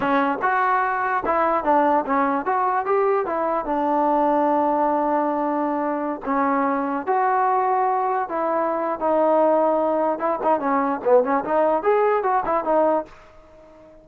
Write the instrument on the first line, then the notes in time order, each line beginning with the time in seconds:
trombone
0.00 C#4
0.42 F#4
1.25 E4
1.64 D4
2.05 C#4
2.45 F#4
2.85 G4
3.26 E4
3.65 D4
6.25 C#4
7.06 F#4
8.28 E4
8.99 D#4
10.18 E4
10.43 D#4
10.59 C#4
11.04 B3
11.23 C#4
11.44 D#4
11.82 G#4
12.23 F#4
12.45 E4
12.64 D#4